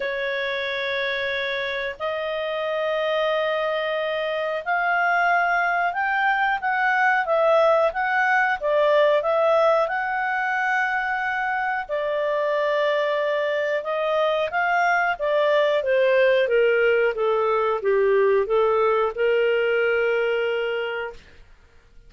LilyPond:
\new Staff \with { instrumentName = "clarinet" } { \time 4/4 \tempo 4 = 91 cis''2. dis''4~ | dis''2. f''4~ | f''4 g''4 fis''4 e''4 | fis''4 d''4 e''4 fis''4~ |
fis''2 d''2~ | d''4 dis''4 f''4 d''4 | c''4 ais'4 a'4 g'4 | a'4 ais'2. | }